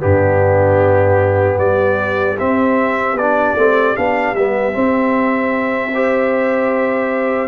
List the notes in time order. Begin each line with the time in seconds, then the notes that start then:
0.00 G2 B3 D4 G4
1.58 G3 G4 D5
2.38 C4 E5
3.14 B3 D5
3.21 D4
3.56 A3 C4
3.96 B3 D4 F5
4.34 G3 B3 E5
4.73 C4
5.94 G4 C5